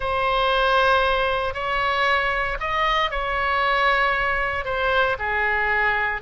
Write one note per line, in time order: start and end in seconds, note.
0.00 1.54 C5
1.54 2.57 C#5
2.60 3.10 D#5
3.10 4.65 C#5
4.65 5.16 C5
5.18 6.21 G#4